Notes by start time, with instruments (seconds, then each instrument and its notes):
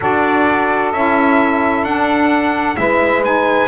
0.00 double bass D4, saxophone F#4 A4, trumpet D5
0.92 double bass C#4, saxophone E4, trumpet E5
1.83 double bass D4, saxophone D4, trumpet F#5
2.76 double bass G#3, saxophone E4 B4, trumpet E5
3.23 saxophone D#4, trumpet G#5